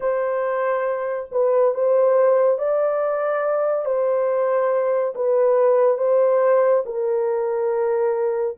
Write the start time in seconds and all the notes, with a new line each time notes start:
0.00 C5
1.31 B4
1.74 C5
2.58 D5
3.85 C5
5.15 B4
5.97 C5
6.85 A#4